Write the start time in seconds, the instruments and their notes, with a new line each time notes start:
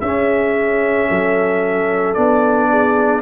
0.00 tuba C#4, trombone C#4, horn G#4, trumpet E5
1.10 tuba F#3, horn A4
2.14 tuba B3, trombone D4, trumpet D5
2.70 horn G#4